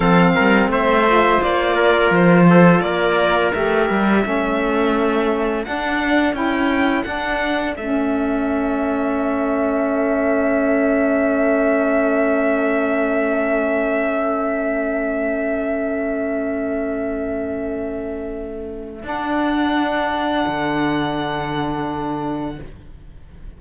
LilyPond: <<
  \new Staff \with { instrumentName = "violin" } { \time 4/4 \tempo 4 = 85 f''4 e''4 d''4 c''4 | d''4 e''2. | fis''4 g''4 fis''4 e''4~ | e''1~ |
e''1~ | e''1~ | e''2. fis''4~ | fis''1 | }
  \new Staff \with { instrumentName = "trumpet" } { \time 4/4 a'8 ais'8 c''4. ais'4 a'8 | ais'2 a'2~ | a'1~ | a'1~ |
a'1~ | a'1~ | a'1~ | a'1 | }
  \new Staff \with { instrumentName = "saxophone" } { \time 4/4 c'4. f'2~ f'8~ | f'4 g'4 cis'2 | d'4 e'4 d'4 cis'4~ | cis'1~ |
cis'1~ | cis'1~ | cis'2. d'4~ | d'1 | }
  \new Staff \with { instrumentName = "cello" } { \time 4/4 f8 g8 a4 ais4 f4 | ais4 a8 g8 a2 | d'4 cis'4 d'4 a4~ | a1~ |
a1~ | a1~ | a2. d'4~ | d'4 d2. | }
>>